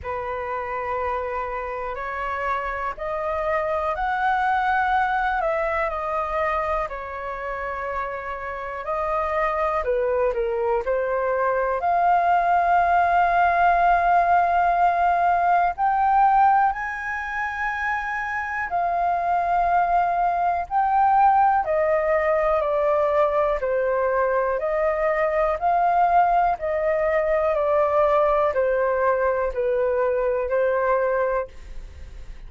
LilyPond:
\new Staff \with { instrumentName = "flute" } { \time 4/4 \tempo 4 = 61 b'2 cis''4 dis''4 | fis''4. e''8 dis''4 cis''4~ | cis''4 dis''4 b'8 ais'8 c''4 | f''1 |
g''4 gis''2 f''4~ | f''4 g''4 dis''4 d''4 | c''4 dis''4 f''4 dis''4 | d''4 c''4 b'4 c''4 | }